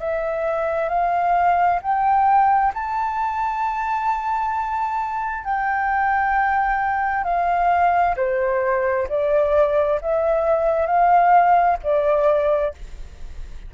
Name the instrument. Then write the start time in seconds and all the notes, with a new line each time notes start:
flute
0.00 E5
0.89 F5
1.82 G5
2.74 A5
5.45 G5
7.24 F5
8.17 C5
9.10 D5
10.02 E5
10.87 F5
11.83 D5